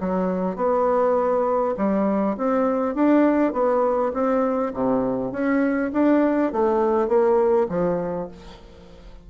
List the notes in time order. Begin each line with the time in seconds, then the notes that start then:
0.00 F#3
0.56 B3
1.77 G3
2.37 C4
2.95 D4
3.53 B3
4.13 C4
4.73 C3
5.32 C#4
5.93 D4
6.52 A3
7.08 A#3
7.69 F3